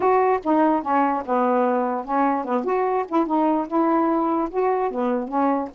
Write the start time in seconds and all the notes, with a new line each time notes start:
0.00 F#4
0.43 D#4
0.82 C#4
1.25 B3
2.04 C#4
2.44 B3
2.64 F#4
3.08 E4
3.26 D#4
3.67 E4
4.50 F#4
4.90 B3
5.28 C#4